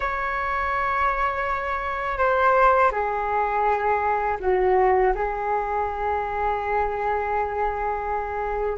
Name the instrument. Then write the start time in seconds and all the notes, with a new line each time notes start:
flute
0.00 C#5
2.18 C5
2.91 G#4
4.40 F#4
5.15 G#4